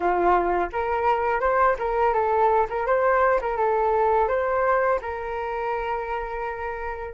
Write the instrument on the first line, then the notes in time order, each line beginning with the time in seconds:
flute
0.00 F4
0.72 A#4
1.40 C5
1.78 A#4
2.13 A4
2.69 A#4
2.86 C5
3.41 A#4
3.57 A4
4.28 C5
5.01 A#4